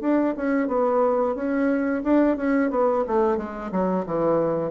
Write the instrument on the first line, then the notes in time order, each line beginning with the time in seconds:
bassoon
0.00 D4
0.36 C#4
0.67 B3
1.35 C#4
2.03 D4
2.37 C#4
2.70 B3
3.07 A3
3.37 G#3
3.71 F#3
4.06 E3